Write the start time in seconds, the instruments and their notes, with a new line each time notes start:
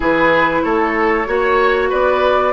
0.00 bassoon E3, clarinet E4, oboe G#4, flute B4
0.62 bassoon A3, oboe A4, flute C#5
1.26 bassoon A#3, clarinet F#4, oboe C#5
1.89 bassoon B3, oboe B4, flute D5